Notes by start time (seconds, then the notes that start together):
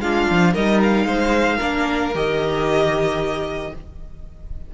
0.00 G#3 D4 F4 F5
0.30 F3
0.52 G3 D#4 A#4 D#5
0.83 F5
1.04 G#3 C5
1.56 A#3 D4 A#4
2.14 D#3 G4 D#5